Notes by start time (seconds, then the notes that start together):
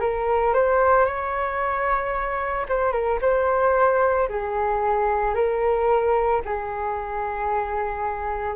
0.00 A#4
0.54 C5
1.06 C#5
2.69 C5
2.92 A#4
3.21 C5
4.29 G#4
5.35 A#4
6.45 G#4